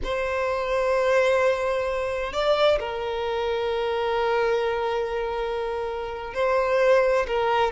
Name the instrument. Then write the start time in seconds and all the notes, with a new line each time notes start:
violin
0.03 C5
2.32 D5
2.79 A#4
6.34 C5
7.27 A#4